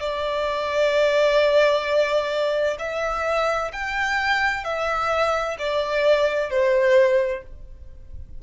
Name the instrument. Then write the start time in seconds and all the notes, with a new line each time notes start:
violin
0.00 D5
2.79 E5
3.72 G5
4.64 E5
5.58 D5
6.50 C5